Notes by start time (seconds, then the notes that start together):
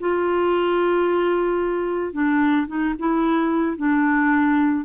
0.00 F4
2.13 D4
2.67 D#4
2.99 E4
3.77 D4